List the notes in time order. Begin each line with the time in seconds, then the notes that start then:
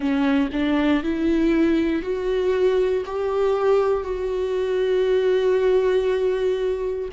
0.00 C#4
0.52 D4
1.03 E4
2.02 F#4
3.05 G4
4.03 F#4